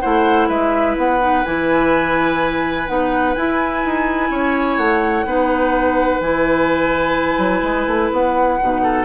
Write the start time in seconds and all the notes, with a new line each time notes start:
0.00 A3 E4 C5 F#5
0.48 G#3 B4 E5
0.97 B3 F#5
1.20 D#4
1.45 E3 E4 G#5
2.87 B3 D#4 F#5
3.34 E4 G#5
3.85 D#4
4.30 C#4 C#5
4.77 A3 F#5
5.25 B3 D#4 B4
6.20 E3 E4 G#5
7.37 F#3
7.62 G#3
7.87 A3
8.12 B3 F#5
8.61 B2 D#4
8.82 A4